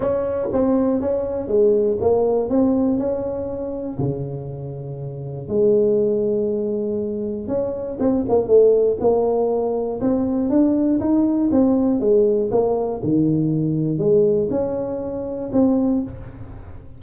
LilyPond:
\new Staff \with { instrumentName = "tuba" } { \time 4/4 \tempo 4 = 120 cis'4 c'4 cis'4 gis4 | ais4 c'4 cis'2 | cis2. gis4~ | gis2. cis'4 |
c'8 ais8 a4 ais2 | c'4 d'4 dis'4 c'4 | gis4 ais4 dis2 | gis4 cis'2 c'4 | }